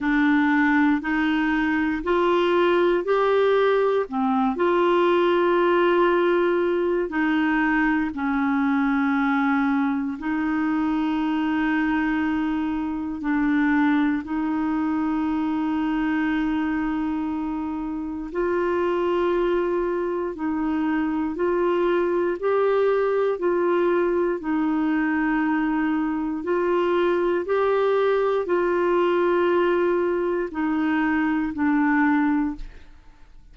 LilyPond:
\new Staff \with { instrumentName = "clarinet" } { \time 4/4 \tempo 4 = 59 d'4 dis'4 f'4 g'4 | c'8 f'2~ f'8 dis'4 | cis'2 dis'2~ | dis'4 d'4 dis'2~ |
dis'2 f'2 | dis'4 f'4 g'4 f'4 | dis'2 f'4 g'4 | f'2 dis'4 d'4 | }